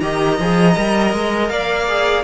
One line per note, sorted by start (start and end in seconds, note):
0.00 0.39 D#3
0.00 0.39 G4
0.00 1.52 D#5
0.00 1.48 A#5
0.39 0.76 F3
0.39 0.76 G#4
0.76 1.13 G3
0.76 1.87 A#4
1.13 1.49 G#3
1.48 2.24 A#3
1.48 2.24 D5
1.48 2.23 F5
1.87 2.24 G#4